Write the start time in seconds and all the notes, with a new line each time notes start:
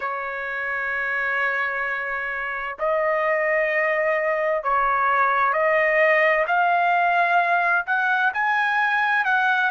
0.00 C#5
2.79 D#5
4.63 C#5
5.53 D#5
6.47 F5
7.86 F#5
8.33 G#5
9.24 F#5